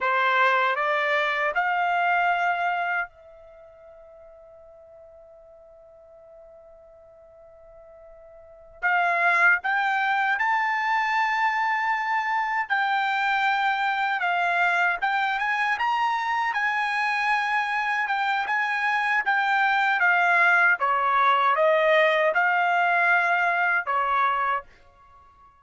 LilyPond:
\new Staff \with { instrumentName = "trumpet" } { \time 4/4 \tempo 4 = 78 c''4 d''4 f''2 | e''1~ | e''2.~ e''8 f''8~ | f''8 g''4 a''2~ a''8~ |
a''8 g''2 f''4 g''8 | gis''8 ais''4 gis''2 g''8 | gis''4 g''4 f''4 cis''4 | dis''4 f''2 cis''4 | }